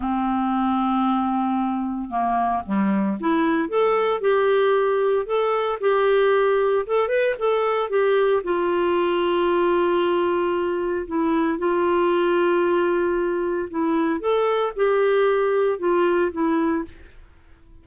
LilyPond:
\new Staff \with { instrumentName = "clarinet" } { \time 4/4 \tempo 4 = 114 c'1 | ais4 g4 e'4 a'4 | g'2 a'4 g'4~ | g'4 a'8 b'8 a'4 g'4 |
f'1~ | f'4 e'4 f'2~ | f'2 e'4 a'4 | g'2 f'4 e'4 | }